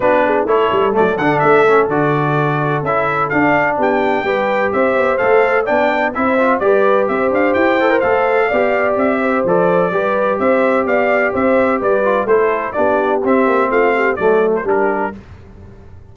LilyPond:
<<
  \new Staff \with { instrumentName = "trumpet" } { \time 4/4 \tempo 4 = 127 b'4 cis''4 d''8 fis''8 e''4 | d''2 e''4 f''4 | g''2 e''4 f''4 | g''4 e''4 d''4 e''8 f''8 |
g''4 f''2 e''4 | d''2 e''4 f''4 | e''4 d''4 c''4 d''4 | e''4 f''4 d''8. c''16 ais'4 | }
  \new Staff \with { instrumentName = "horn" } { \time 4/4 fis'8 gis'8 a'2.~ | a'1 | g'4 b'4 c''2 | d''4 c''4 b'4 c''4~ |
c''2 d''4. c''8~ | c''4 b'4 c''4 d''4 | c''4 b'4 a'4 g'4~ | g'4 f'8 g'8 a'4 g'4 | }
  \new Staff \with { instrumentName = "trombone" } { \time 4/4 d'4 e'4 a8 d'4 cis'8 | fis'2 e'4 d'4~ | d'4 g'2 a'4 | d'4 e'8 f'8 g'2~ |
g'8 a'16 ais'16 a'4 g'2 | a'4 g'2.~ | g'4. f'8 e'4 d'4 | c'2 a4 d'4 | }
  \new Staff \with { instrumentName = "tuba" } { \time 4/4 b4 a8 g8 fis8 d8 a4 | d2 cis'4 d'4 | b4 g4 c'8 b8 a4 | b4 c'4 g4 c'8 d'8 |
e'4 a4 b4 c'4 | f4 g4 c'4 b4 | c'4 g4 a4 b4 | c'8 ais8 a4 fis4 g4 | }
>>